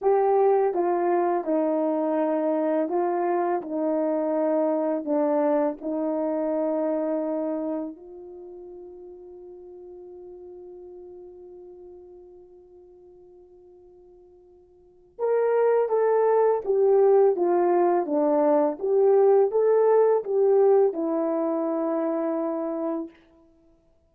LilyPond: \new Staff \with { instrumentName = "horn" } { \time 4/4 \tempo 4 = 83 g'4 f'4 dis'2 | f'4 dis'2 d'4 | dis'2. f'4~ | f'1~ |
f'1~ | f'4 ais'4 a'4 g'4 | f'4 d'4 g'4 a'4 | g'4 e'2. | }